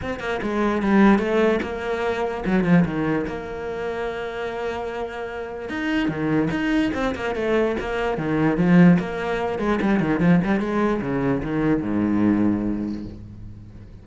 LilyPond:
\new Staff \with { instrumentName = "cello" } { \time 4/4 \tempo 4 = 147 c'8 ais8 gis4 g4 a4 | ais2 fis8 f8 dis4 | ais1~ | ais2 dis'4 dis4 |
dis'4 c'8 ais8 a4 ais4 | dis4 f4 ais4. gis8 | g8 dis8 f8 g8 gis4 cis4 | dis4 gis,2. | }